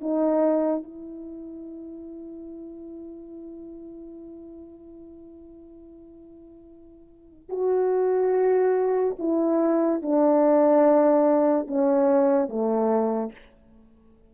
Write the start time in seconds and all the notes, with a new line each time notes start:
0.00 D#4
0.83 E4
7.49 F#4
9.19 E4
10.02 D4
11.67 C#4
12.49 A3